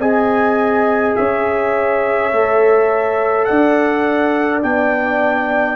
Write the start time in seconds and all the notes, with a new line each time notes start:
0.00 C4 G#4 D#5 G#5
1.16 C#4 C#5 E5
2.33 A3 A4
3.45 D4 D5 F#5
4.63 B3 D4 G5